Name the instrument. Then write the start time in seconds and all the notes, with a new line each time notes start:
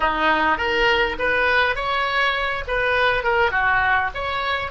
oboe
0.00 D#4
0.57 A#4
1.18 B4
1.75 C#5
2.67 B4
3.23 A#4
3.51 F#4
4.14 C#5